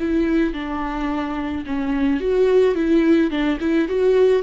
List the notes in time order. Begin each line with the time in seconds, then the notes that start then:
0.00 E4
0.54 D4
1.66 C#4
2.21 F#4
2.75 E4
3.31 D4
3.61 E4
3.88 F#4